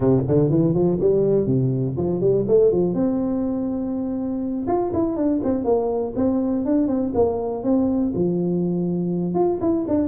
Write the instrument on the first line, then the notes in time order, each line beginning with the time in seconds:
tuba
0.00 C3
0.27 D3
0.50 E3
0.74 F3
1.00 G3
1.46 C3
1.96 F3
2.20 G3
2.47 A3
2.71 F3
2.94 C4
4.67 F4
4.93 E4
5.16 D4
5.43 C4
5.64 A#3
6.16 C4
6.65 D4
6.87 C4
7.14 A#3
7.63 C4
8.14 F3
9.34 F4
9.61 E4
9.88 D4